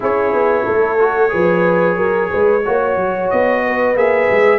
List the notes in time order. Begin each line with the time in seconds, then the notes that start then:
0.00 C#4 E4 G#4 C#5
0.33 B3
0.64 A3 A4
0.99 F#4
1.29 F3 G#4 B4
1.96 F#3 A#4
2.30 G#3 B4
2.64 A#3 F#4 C#5
2.96 F#3
3.30 B3 D#5
3.65 B4
3.95 A#3 G#4 E5
4.30 G#3